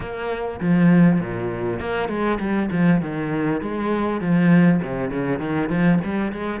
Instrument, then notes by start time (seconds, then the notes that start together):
cello
0.00 A#3
0.60 F3
1.20 A#2
1.79 A#3
2.08 G#3
2.39 G3
2.71 F3
3.01 D#3
3.61 G#3
4.20 F3
4.82 C3
5.10 C#3
5.39 D#3
5.69 F3
6.04 G3
6.32 G#3